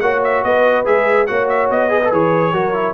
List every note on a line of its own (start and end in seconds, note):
0.00 0.43 A#3
0.00 0.85 F#4
0.00 0.44 C#5
0.00 0.21 F#5
0.24 0.44 E5
0.44 0.86 B3
0.44 1.28 B4
0.44 0.86 D#5
0.85 1.28 G#3
0.85 1.27 G#4
0.85 1.26 E5
1.26 1.69 A#3
1.26 1.89 F#4
1.26 1.91 C#5
1.26 1.47 F#5
1.49 1.70 E5
1.69 2.11 B3
1.69 2.13 D#5
1.89 2.00 G#4
1.89 2.53 B4
2.05 2.12 A4
2.12 2.53 E3
2.12 2.53 G#4
2.12 2.94 C#5
2.53 2.94 F#3
2.53 2.74 F#4
2.53 2.94 A#4
2.74 2.94 E4